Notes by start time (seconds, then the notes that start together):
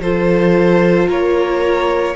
0.00 F3 F4 A4 C5
1.07 A#3 A#4 C#5